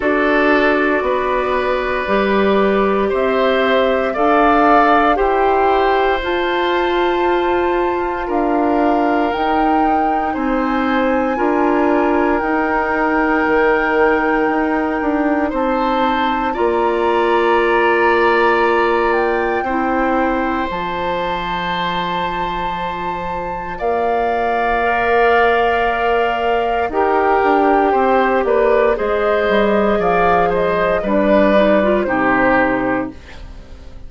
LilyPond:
<<
  \new Staff \with { instrumentName = "flute" } { \time 4/4 \tempo 4 = 58 d''2. e''4 | f''4 g''4 a''2 | f''4 g''4 gis''2 | g''2. a''4 |
ais''2~ ais''8 g''4. | a''2. f''4~ | f''2 g''4. d''8 | dis''4 f''8 dis''8 d''4 c''4 | }
  \new Staff \with { instrumentName = "oboe" } { \time 4/4 a'4 b'2 c''4 | d''4 c''2. | ais'2 c''4 ais'4~ | ais'2. c''4 |
d''2. c''4~ | c''2. d''4~ | d''2 ais'4 c''8 b'8 | c''4 d''8 c''8 b'4 g'4 | }
  \new Staff \with { instrumentName = "clarinet" } { \time 4/4 fis'2 g'2 | a'4 g'4 f'2~ | f'4 dis'2 f'4 | dis'1 |
f'2. e'4 | f'1 | ais'2 g'2 | gis'2 d'8 dis'16 f'16 dis'4 | }
  \new Staff \with { instrumentName = "bassoon" } { \time 4/4 d'4 b4 g4 c'4 | d'4 e'4 f'2 | d'4 dis'4 c'4 d'4 | dis'4 dis4 dis'8 d'8 c'4 |
ais2. c'4 | f2. ais4~ | ais2 dis'8 d'8 c'8 ais8 | gis8 g8 f4 g4 c4 | }
>>